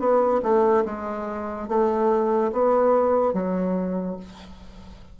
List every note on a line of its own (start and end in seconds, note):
0.00 0.42 B3
0.43 0.85 A3
0.86 1.69 G#3
1.69 2.52 A3
2.53 3.34 B3
3.34 4.17 F#3